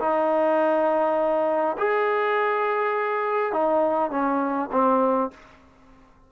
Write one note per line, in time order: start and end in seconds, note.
0.00 1.76 D#4
1.78 3.52 G#4
3.52 4.10 D#4
4.10 4.69 C#4
4.72 5.31 C4